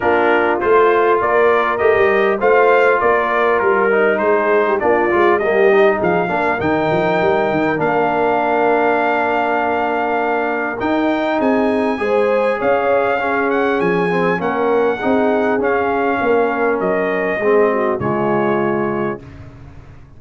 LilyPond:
<<
  \new Staff \with { instrumentName = "trumpet" } { \time 4/4 \tempo 4 = 100 ais'4 c''4 d''4 dis''4 | f''4 d''4 ais'4 c''4 | d''4 dis''4 f''4 g''4~ | g''4 f''2.~ |
f''2 g''4 gis''4~ | gis''4 f''4. fis''8 gis''4 | fis''2 f''2 | dis''2 cis''2 | }
  \new Staff \with { instrumentName = "horn" } { \time 4/4 f'2 ais'2 | c''4 ais'2 gis'8. g'16 | f'4 g'4 gis'8 ais'4.~ | ais'1~ |
ais'2. gis'4 | c''4 cis''4 gis'2 | ais'4 gis'2 ais'4~ | ais'4 gis'8 fis'8 f'2 | }
  \new Staff \with { instrumentName = "trombone" } { \time 4/4 d'4 f'2 g'4 | f'2~ f'8 dis'4. | d'8 f'8 ais8 dis'4 d'8 dis'4~ | dis'4 d'2.~ |
d'2 dis'2 | gis'2 cis'4. c'8 | cis'4 dis'4 cis'2~ | cis'4 c'4 gis2 | }
  \new Staff \with { instrumentName = "tuba" } { \time 4/4 ais4 a4 ais4 a16 g8. | a4 ais4 g4 gis4 | ais8 gis8 g4 f8 ais8 dis8 f8 | g8 dis8 ais2.~ |
ais2 dis'4 c'4 | gis4 cis'2 f4 | ais4 c'4 cis'4 ais4 | fis4 gis4 cis2 | }
>>